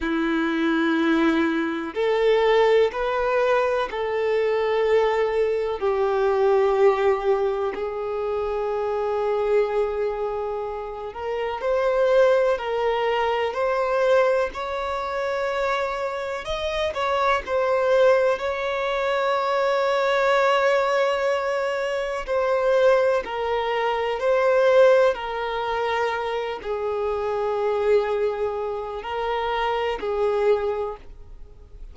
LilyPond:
\new Staff \with { instrumentName = "violin" } { \time 4/4 \tempo 4 = 62 e'2 a'4 b'4 | a'2 g'2 | gis'2.~ gis'8 ais'8 | c''4 ais'4 c''4 cis''4~ |
cis''4 dis''8 cis''8 c''4 cis''4~ | cis''2. c''4 | ais'4 c''4 ais'4. gis'8~ | gis'2 ais'4 gis'4 | }